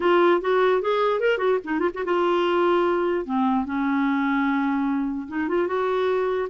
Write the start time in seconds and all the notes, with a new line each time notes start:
0.00 F4
0.41 F#4
0.81 G#4
1.20 A#4
1.38 F#4
1.64 D#4
1.79 F4
1.93 F#4
2.04 F4
3.25 C4
3.65 C#4
5.28 D#4
5.48 F4
5.67 F#4